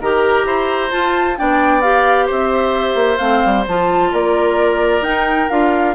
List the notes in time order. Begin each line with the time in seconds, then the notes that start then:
0.00 D#3 G4 A#4 A#5
0.44 E4 C5
0.90 F4 A5
1.36 B3 D4 D5 G5
1.81 G4 F5
2.26 C4 C5 E5
2.94 A#3
3.18 A3 C4 F5
3.45 G3
3.67 F3 F4 A5
4.12 A#3 A#4 D5
5.01 D#4 G5
5.49 D4 F4 F5